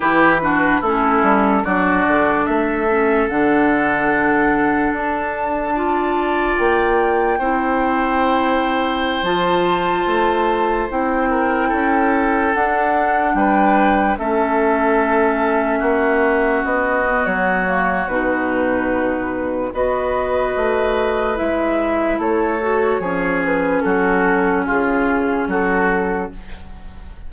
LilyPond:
<<
  \new Staff \with { instrumentName = "flute" } { \time 4/4 \tempo 4 = 73 b'4 a'4 d''4 e''4 | fis''2 a''2 | g''2.~ g''16 a''8.~ | a''4~ a''16 g''2 fis''8.~ |
fis''16 g''4 e''2~ e''8.~ | e''16 dis''8. cis''4 b'2 | dis''2 e''4 cis''4~ | cis''8 b'8 a'4 gis'4 a'4 | }
  \new Staff \with { instrumentName = "oboe" } { \time 4/4 g'8 fis'8 e'4 fis'4 a'4~ | a'2. d''4~ | d''4 c''2.~ | c''4.~ c''16 ais'8 a'4.~ a'16~ |
a'16 b'4 a'2 fis'8.~ | fis'1 | b'2. a'4 | gis'4 fis'4 f'4 fis'4 | }
  \new Staff \with { instrumentName = "clarinet" } { \time 4/4 e'8 d'8 cis'4 d'4. cis'8 | d'2. f'4~ | f'4 e'2~ e'16 f'8.~ | f'4~ f'16 e'2 d'8.~ |
d'4~ d'16 cis'2~ cis'8.~ | cis'8. b8. ais8 dis'2 | fis'2 e'4. fis'8 | cis'1 | }
  \new Staff \with { instrumentName = "bassoon" } { \time 4/4 e4 a8 g8 fis8 d8 a4 | d2 d'2 | ais4 c'2~ c'16 f8.~ | f16 a4 c'4 cis'4 d'8.~ |
d'16 g4 a2 ais8.~ | ais16 b8. fis4 b,2 | b4 a4 gis4 a4 | f4 fis4 cis4 fis4 | }
>>